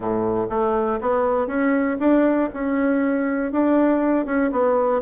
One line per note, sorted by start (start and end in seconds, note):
0.00 0.47 A2
0.49 0.99 A3
1.00 1.47 B3
1.47 1.97 C#4
1.99 2.49 D4
2.53 3.52 C#4
3.52 4.25 D4
4.25 4.50 C#4
4.51 5.01 B3